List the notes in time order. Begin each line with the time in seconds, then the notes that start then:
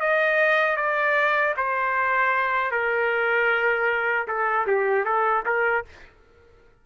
0.00 D#5
0.77 D5
1.57 C5
2.71 A#4
4.28 A4
4.67 G4
5.05 A4
5.46 A#4